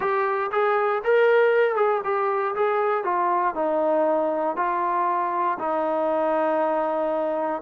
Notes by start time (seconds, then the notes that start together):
0.00 G4
0.51 G#4
1.04 A#4
1.75 G#4
2.04 G4
2.55 G#4
3.04 F4
3.55 D#4
4.56 F4
5.59 D#4